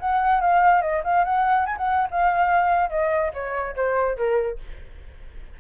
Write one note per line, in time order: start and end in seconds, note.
0.00 0.41 F#5
0.41 0.82 F5
0.82 1.03 D#5
1.05 1.25 F5
1.25 1.66 F#5
1.66 1.77 G#5
1.78 2.09 F#5
2.11 2.90 F5
2.90 3.32 D#5
3.34 3.76 C#5
3.76 4.17 C5
4.17 4.59 A#4